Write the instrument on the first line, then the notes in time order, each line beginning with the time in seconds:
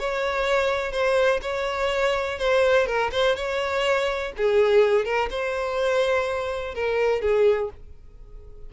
violin
0.00 C#5
0.92 C5
1.42 C#5
2.39 C5
2.87 A#4
3.12 C5
3.36 C#5
4.37 G#4
5.05 A#4
5.30 C5
6.75 A#4
7.22 G#4